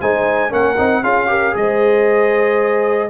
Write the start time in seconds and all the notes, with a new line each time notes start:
0.00 G#3 D#4 C5 G#5
0.50 A#3 C#4 A#4 F#5
0.77 C4 D#4
1.02 C#4 F4 G#4 F5
1.27 G4 A#4
1.53 G#3 G#4 D#5
1.59 C5